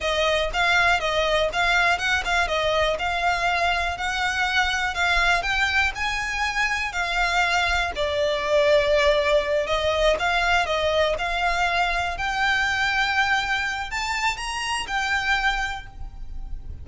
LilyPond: \new Staff \with { instrumentName = "violin" } { \time 4/4 \tempo 4 = 121 dis''4 f''4 dis''4 f''4 | fis''8 f''8 dis''4 f''2 | fis''2 f''4 g''4 | gis''2 f''2 |
d''2.~ d''8 dis''8~ | dis''8 f''4 dis''4 f''4.~ | f''8 g''2.~ g''8 | a''4 ais''4 g''2 | }